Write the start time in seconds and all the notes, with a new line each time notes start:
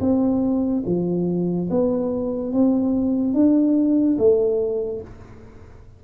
0.00 C4
0.86 F3
1.70 B3
2.52 C4
3.34 D4
4.18 A3